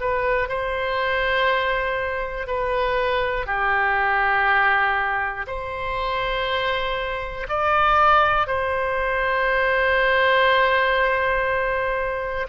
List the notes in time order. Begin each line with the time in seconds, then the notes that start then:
0.00 B4
0.48 C5
2.47 B4
3.46 G4
5.47 C5
7.49 D5
8.47 C5